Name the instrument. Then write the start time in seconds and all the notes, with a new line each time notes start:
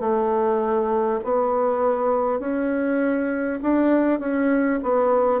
bassoon
0.00 A3
1.23 B3
2.39 C#4
3.62 D4
4.19 C#4
4.82 B3